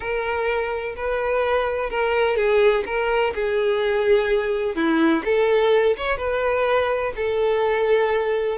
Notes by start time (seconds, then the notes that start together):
0.00 A#4
0.95 B4
1.90 A#4
2.36 G#4
2.86 A#4
3.34 G#4
4.75 E4
5.24 A4
5.96 C#5
6.17 B4
7.16 A4